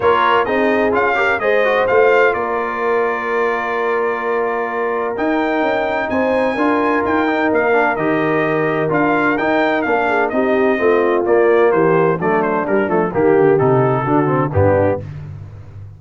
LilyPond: <<
  \new Staff \with { instrumentName = "trumpet" } { \time 4/4 \tempo 4 = 128 cis''4 dis''4 f''4 dis''4 | f''4 d''2.~ | d''2. g''4~ | g''4 gis''2 g''4 |
f''4 dis''2 f''4 | g''4 f''4 dis''2 | d''4 c''4 d''8 c''8 ais'8 a'8 | g'4 a'2 g'4 | }
  \new Staff \with { instrumentName = "horn" } { \time 4/4 ais'4 gis'4. ais'8 c''4~ | c''4 ais'2.~ | ais'1~ | ais'4 c''4 ais'2~ |
ais'1~ | ais'4. gis'8 g'4 f'4~ | f'4 g'4 d'2 | g'2 fis'4 d'4 | }
  \new Staff \with { instrumentName = "trombone" } { \time 4/4 f'4 dis'4 f'8 g'8 gis'8 fis'8 | f'1~ | f'2. dis'4~ | dis'2 f'4. dis'8~ |
dis'8 d'8 g'2 f'4 | dis'4 d'4 dis'4 c'4 | ais2 a4 g8 a8 | ais4 dis'4 d'8 c'8 b4 | }
  \new Staff \with { instrumentName = "tuba" } { \time 4/4 ais4 c'4 cis'4 gis4 | a4 ais2.~ | ais2. dis'4 | cis'4 c'4 d'4 dis'4 |
ais4 dis2 d'4 | dis'4 ais4 c'4 a4 | ais4 e4 fis4 g8 f8 | dis8 d8 c4 d4 g,4 | }
>>